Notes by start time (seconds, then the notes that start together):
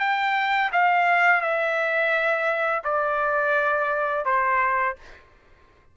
0.00 G5
0.73 F5
1.42 E5
2.85 D5
4.26 C5